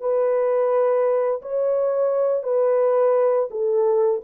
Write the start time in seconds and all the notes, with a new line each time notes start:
0.00 B4
1.41 C#5
2.43 B4
3.50 A4